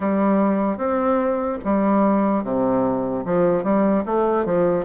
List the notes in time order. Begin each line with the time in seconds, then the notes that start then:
0.00 G3
0.77 C4
1.64 G3
2.43 C3
3.25 F3
3.63 G3
4.05 A3
4.45 F3